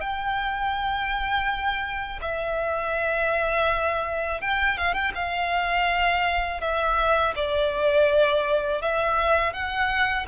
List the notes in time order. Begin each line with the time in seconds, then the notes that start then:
0.00 G5
2.21 E5
4.41 G5
4.77 F5
4.93 G5
5.14 F5
6.60 E5
7.35 D5
8.81 E5
9.53 F#5